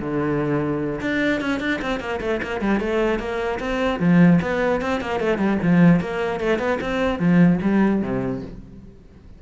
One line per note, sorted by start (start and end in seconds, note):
0.00 1.00 D3
1.00 1.40 D4
1.40 1.60 C#4
1.60 1.80 D4
1.81 2.00 C4
2.00 2.20 A#3
2.20 2.40 A3
2.42 2.61 A#3
2.61 2.80 G3
2.80 3.19 A3
3.19 3.59 A#3
3.59 3.99 C4
3.99 4.39 F3
4.41 4.81 B3
4.81 5.00 C4
5.00 5.20 A#3
5.20 5.38 A3
5.38 5.58 G3
5.62 6.00 F3
6.00 6.40 A#3
6.40 6.58 A3
6.58 6.78 B3
6.81 7.19 C4
7.19 7.59 F3
7.62 8.02 G3
8.02 8.42 C3